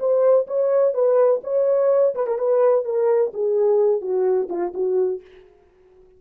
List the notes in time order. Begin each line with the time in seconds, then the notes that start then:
0.00 C5
0.47 C#5
0.94 B4
1.44 C#5
2.15 B4
2.27 A#4
2.39 B4
2.85 A#4
3.34 G#4
4.02 F#4
4.49 F4
4.75 F#4